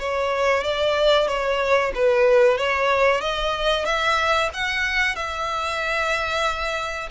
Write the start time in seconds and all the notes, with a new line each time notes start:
0.00 C#5
0.64 D5
1.28 C#5
1.95 B4
2.58 C#5
3.21 D#5
3.86 E5
4.54 F#5
5.16 E5